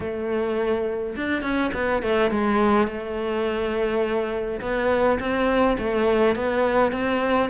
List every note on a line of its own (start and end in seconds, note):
0.00 1.15 A3
1.15 1.42 D4
1.42 1.71 C#4
1.73 2.02 B3
2.02 2.30 A3
2.30 2.87 G#3
2.87 4.60 A3
4.60 5.18 B3
5.19 5.77 C4
5.78 6.35 A3
6.35 6.92 B3
6.92 7.49 C4